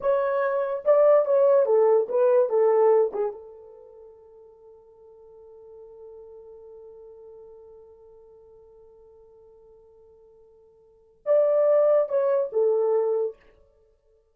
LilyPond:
\new Staff \with { instrumentName = "horn" } { \time 4/4 \tempo 4 = 144 cis''2 d''4 cis''4 | a'4 b'4 a'4. gis'8 | a'1~ | a'1~ |
a'1~ | a'1~ | a'2. d''4~ | d''4 cis''4 a'2 | }